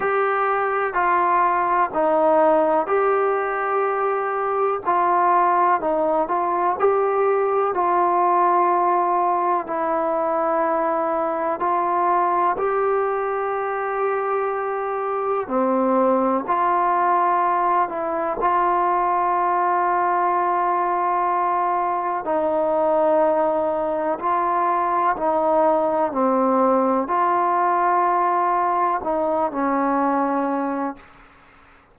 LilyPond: \new Staff \with { instrumentName = "trombone" } { \time 4/4 \tempo 4 = 62 g'4 f'4 dis'4 g'4~ | g'4 f'4 dis'8 f'8 g'4 | f'2 e'2 | f'4 g'2. |
c'4 f'4. e'8 f'4~ | f'2. dis'4~ | dis'4 f'4 dis'4 c'4 | f'2 dis'8 cis'4. | }